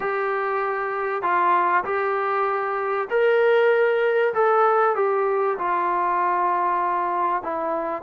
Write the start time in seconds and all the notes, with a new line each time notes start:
0.00 G4
1.22 F4
1.84 G4
3.10 A#4
4.34 A4
4.95 G4
5.58 F4
7.42 E4